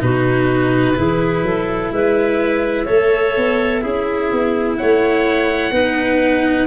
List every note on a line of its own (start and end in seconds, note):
0.00 0.97 B2
0.00 0.95 D#4
0.00 0.99 F#4
0.00 1.92 B4
0.96 1.43 E3
0.96 2.87 E4
0.96 1.45 G#4
1.43 1.91 F#3
1.43 1.93 A4
1.92 2.87 G#3
1.92 2.86 B4
1.92 4.78 E5
2.86 3.37 A3
2.86 3.82 A4
2.86 3.81 C#5
3.37 3.85 B3
3.82 4.32 C#4
3.82 5.72 E4
3.82 4.77 G#4
4.32 4.80 B3
4.78 5.72 A3
4.78 5.73 C#5
4.78 6.68 F#5
5.72 6.67 B3
5.72 6.68 D#4
5.72 6.68 B4